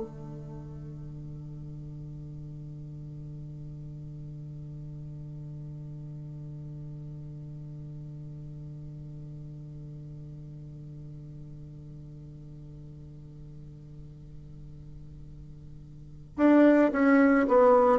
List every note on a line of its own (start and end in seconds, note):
0.00 16.36 D3
16.36 16.91 D4
16.91 17.46 C#4
17.47 17.99 B3